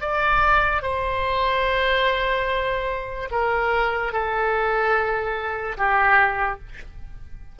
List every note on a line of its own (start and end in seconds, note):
0.00 0.82 D5
0.82 3.28 C5
3.31 4.12 A#4
4.12 5.76 A4
5.77 6.59 G4